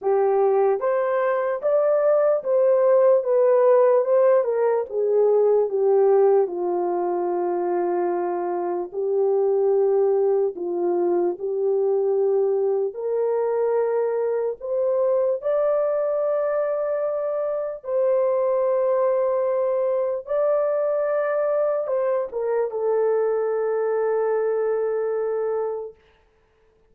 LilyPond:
\new Staff \with { instrumentName = "horn" } { \time 4/4 \tempo 4 = 74 g'4 c''4 d''4 c''4 | b'4 c''8 ais'8 gis'4 g'4 | f'2. g'4~ | g'4 f'4 g'2 |
ais'2 c''4 d''4~ | d''2 c''2~ | c''4 d''2 c''8 ais'8 | a'1 | }